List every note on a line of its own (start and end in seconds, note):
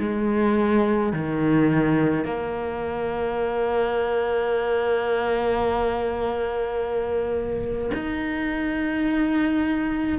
0.00 1.13 G#3
1.13 2.25 D#3
2.25 7.91 A#3
7.94 10.19 D#4